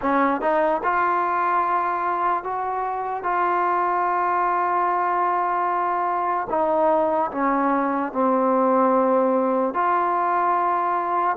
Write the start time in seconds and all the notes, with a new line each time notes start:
0.01 C#4
0.41 D#4
0.83 F4
2.43 F#4
3.23 F4
6.49 D#4
7.31 C#4
8.12 C4
9.74 F4